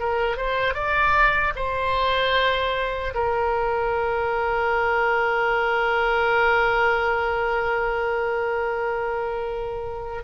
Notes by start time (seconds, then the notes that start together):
0.00 A#4
0.37 C5
0.74 D5
1.56 C5
3.14 A#4